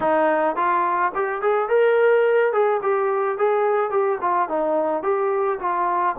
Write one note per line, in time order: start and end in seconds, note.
0.00 0.56 D#4
0.56 1.12 F4
1.14 1.41 G4
1.41 1.68 G#4
1.68 2.52 A#4
2.52 2.80 G#4
2.82 3.37 G4
3.37 3.90 G#4
3.90 4.18 G4
4.21 4.48 F4
4.48 5.02 D#4
5.02 5.58 G4
5.59 6.15 F4